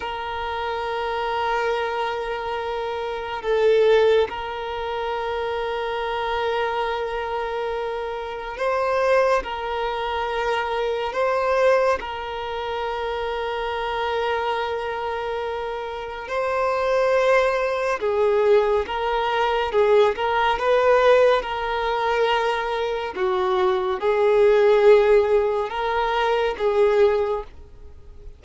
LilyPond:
\new Staff \with { instrumentName = "violin" } { \time 4/4 \tempo 4 = 70 ais'1 | a'4 ais'2.~ | ais'2 c''4 ais'4~ | ais'4 c''4 ais'2~ |
ais'2. c''4~ | c''4 gis'4 ais'4 gis'8 ais'8 | b'4 ais'2 fis'4 | gis'2 ais'4 gis'4 | }